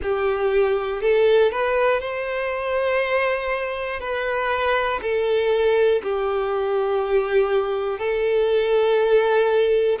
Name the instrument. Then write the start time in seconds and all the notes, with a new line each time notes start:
violin
0.02 G4
1.01 A4
1.51 B4
2.00 C5
4.00 B4
5.02 A4
6.02 G4
7.98 A4